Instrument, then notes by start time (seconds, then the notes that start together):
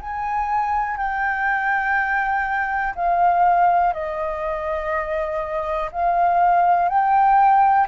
flute
0.00 G#5
0.97 G5
2.95 F5
3.93 D#5
5.92 F5
6.89 G5